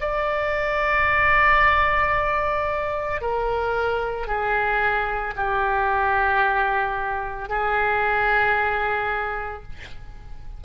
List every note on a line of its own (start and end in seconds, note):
0.00 3.21 D5
3.21 4.27 A#4
4.27 5.34 G#4
5.36 7.49 G4
7.49 9.63 G#4